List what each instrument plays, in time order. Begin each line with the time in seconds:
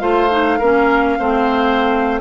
0.00 bassoon A3, clarinet F4, oboe C5, flute F5
0.30 clarinet D#4
0.59 bassoon A#3, clarinet C#4, oboe A#4
1.20 bassoon A3, clarinet C4, oboe C5